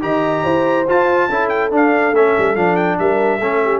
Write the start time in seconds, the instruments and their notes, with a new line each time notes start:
0.00 tuba D#3, trombone G4, horn D#5, trumpet A#5
0.44 tuba E4, horn C5
0.88 trombone F4, tuba F4, trumpet A5
1.29 tuba C#4, trombone E4, horn A4
1.48 trumpet G5
1.71 tuba D4, trombone D4, trumpet F5
2.12 tuba A3, trombone C#4, trumpet E5
2.37 tuba G3
2.55 tuba F3, trombone D4, trumpet F5
2.76 trumpet G5
2.98 tuba G3, horn A#4, trumpet E5
3.39 tuba A3, trombone C#4, horn A4
3.64 horn G4